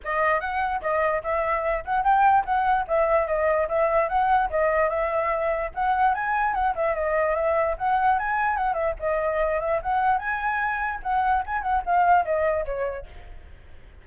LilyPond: \new Staff \with { instrumentName = "flute" } { \time 4/4 \tempo 4 = 147 dis''4 fis''4 dis''4 e''4~ | e''8 fis''8 g''4 fis''4 e''4 | dis''4 e''4 fis''4 dis''4 | e''2 fis''4 gis''4 |
fis''8 e''8 dis''4 e''4 fis''4 | gis''4 fis''8 e''8 dis''4. e''8 | fis''4 gis''2 fis''4 | gis''8 fis''8 f''4 dis''4 cis''4 | }